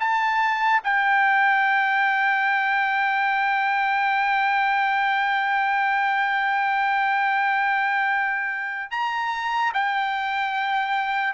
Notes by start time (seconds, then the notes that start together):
0.00 A5
0.84 G5
8.91 A#5
9.74 G5